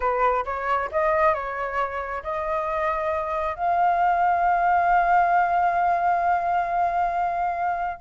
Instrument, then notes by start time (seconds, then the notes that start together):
flute
0.00 B4
0.45 C#5
0.91 D#5
1.34 C#5
2.23 D#5
3.55 F5